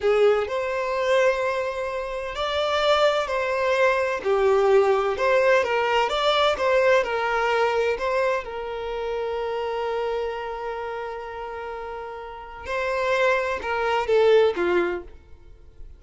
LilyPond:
\new Staff \with { instrumentName = "violin" } { \time 4/4 \tempo 4 = 128 gis'4 c''2.~ | c''4 d''2 c''4~ | c''4 g'2 c''4 | ais'4 d''4 c''4 ais'4~ |
ais'4 c''4 ais'2~ | ais'1~ | ais'2. c''4~ | c''4 ais'4 a'4 f'4 | }